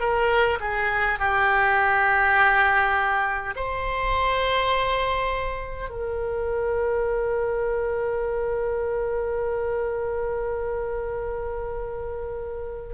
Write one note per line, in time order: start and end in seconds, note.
0.00 0.59 A#4
0.60 1.19 G#4
1.19 3.55 G4
3.56 5.90 C5
5.90 12.94 A#4